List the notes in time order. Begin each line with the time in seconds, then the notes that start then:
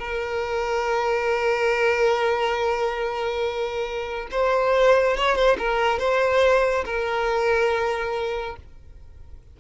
0.00 A#4
4.32 C5
5.17 C#5
5.36 C5
5.59 A#4
5.99 C5
6.85 A#4